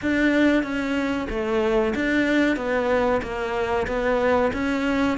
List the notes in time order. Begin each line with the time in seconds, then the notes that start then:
0.02 D4
0.63 C#4
1.29 A3
1.95 D4
2.56 B3
3.22 A#3
3.87 B3
4.53 C#4